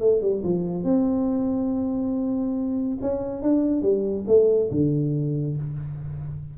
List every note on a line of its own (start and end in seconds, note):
0.00 0.21 A3
0.22 0.43 G3
0.43 0.84 F3
0.84 2.98 C4
3.02 3.42 C#4
3.42 3.82 D4
3.82 4.25 G3
4.27 4.70 A3
4.71 5.57 D3